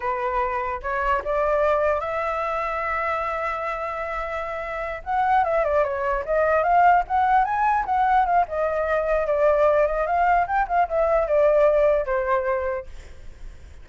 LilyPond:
\new Staff \with { instrumentName = "flute" } { \time 4/4 \tempo 4 = 149 b'2 cis''4 d''4~ | d''4 e''2.~ | e''1~ | e''8 fis''4 e''8 d''8 cis''4 dis''8~ |
dis''8 f''4 fis''4 gis''4 fis''8~ | fis''8 f''8 dis''2 d''4~ | d''8 dis''8 f''4 g''8 f''8 e''4 | d''2 c''2 | }